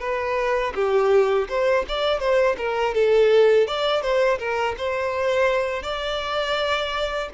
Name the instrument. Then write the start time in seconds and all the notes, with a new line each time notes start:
violin
0.00 B4
0.75 G4
1.49 C5
1.88 D5
2.20 C5
2.58 A#4
2.94 A4
3.67 D5
4.02 C5
4.39 A#4
4.77 C5
5.83 D5